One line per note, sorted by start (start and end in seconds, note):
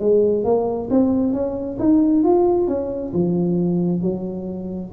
0.00 0.45 G#3
0.45 0.90 A#3
0.91 1.33 C4
1.33 1.78 C#4
1.79 2.24 D#4
2.24 2.68 F4
2.68 3.13 C#4
3.14 4.02 F3
4.02 4.92 F#3